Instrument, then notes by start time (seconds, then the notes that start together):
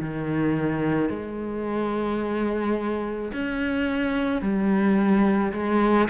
cello
0.00 D#3
1.09 G#3
3.33 C#4
4.41 G3
5.53 G#3